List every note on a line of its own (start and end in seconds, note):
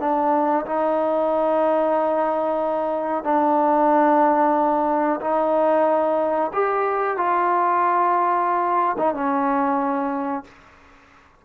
0.00 0.65 D4
0.66 3.24 D#4
3.24 5.20 D4
5.21 6.52 D#4
6.53 7.17 G4
7.17 8.97 F4
8.98 9.14 D#4
9.14 10.45 C#4